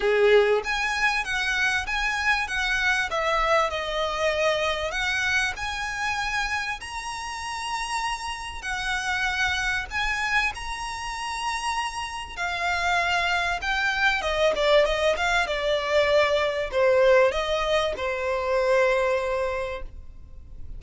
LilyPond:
\new Staff \with { instrumentName = "violin" } { \time 4/4 \tempo 4 = 97 gis'4 gis''4 fis''4 gis''4 | fis''4 e''4 dis''2 | fis''4 gis''2 ais''4~ | ais''2 fis''2 |
gis''4 ais''2. | f''2 g''4 dis''8 d''8 | dis''8 f''8 d''2 c''4 | dis''4 c''2. | }